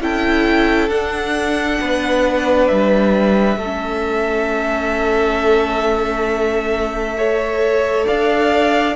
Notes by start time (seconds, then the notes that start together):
0.00 C#4 E4 A4 G5
0.89 D4 F#5
1.80 B3 B4
2.67 G3 E5
3.57 A3 A4
3.64 C#4
7.17 A4 C#5
8.07 D4 D5 F5